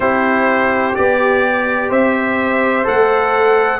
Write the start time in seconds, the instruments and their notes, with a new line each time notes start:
0.00 tuba C4, trombone E4, horn G4, trumpet C5
0.94 tuba B3, trombone G4, trumpet D5
1.88 tuba C4, horn C5, trumpet E5
2.84 tuba A3, trombone A4, trumpet F#5